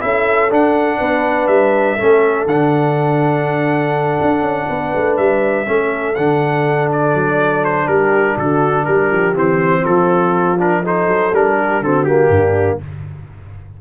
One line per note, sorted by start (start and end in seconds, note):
0.00 0.51 C#4
0.00 0.49 E4
0.00 0.98 A4
0.00 0.50 E5
0.50 1.98 D4
0.50 1.00 D4
0.50 1.47 F#5
0.98 1.47 B3
0.98 1.96 B4
1.47 1.97 G3
1.47 2.46 E5
1.96 2.45 A3
1.96 2.47 C#4
1.96 4.66 A4
2.45 4.17 D3
2.45 5.65 D4
2.45 5.17 F#5
4.22 4.41 D4
4.41 4.66 C#4
4.69 4.94 B3
4.69 5.68 B4
4.95 5.18 A3
5.17 5.67 G3
5.17 6.15 E5
5.65 6.17 A3
5.65 6.15 C#4
5.65 7.89 A4
6.15 7.14 D3
6.15 9.34 D4
6.15 6.89 F#5
6.92 7.64 D5
7.14 7.88 F#3
7.64 7.88 C5
7.88 8.37 G3
7.88 8.36 G4
7.88 8.37 A#4
8.36 8.86 D3
8.36 8.85 F#4
8.36 8.85 A4
8.85 9.11 G3
8.85 9.80 G4
8.85 9.34 A#4
9.11 9.36 F3
9.34 9.85 E3
9.34 10.57 C4
9.34 9.85 C5
9.80 10.79 F4
9.80 10.59 A4
9.86 11.07 F3
10.59 10.83 D4
10.59 10.85 A#4
10.82 11.33 D#4
10.82 11.56 A4
10.82 11.34 C5
11.07 11.32 F#3
11.32 11.81 G3
11.32 11.83 D4
11.32 11.83 A#4
11.58 11.82 G4
11.81 12.29 D3
11.81 12.07 C4
11.81 12.32 F#4
11.81 12.04 A4
12.04 12.80 A#3
12.04 12.78 G4
12.29 12.78 G2
12.29 12.81 D4